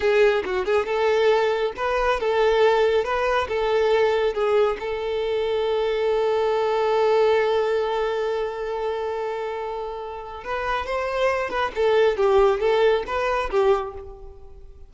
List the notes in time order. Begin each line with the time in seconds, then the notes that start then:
0.00 G#4
0.45 F#4
0.65 G#4
0.86 A4
1.76 B4
2.20 A4
3.04 B4
3.48 A4
4.34 G#4
4.79 A4
10.43 B4
10.86 C5
11.50 B4
11.75 A4
12.16 G4
12.60 A4
13.06 B4
13.50 G4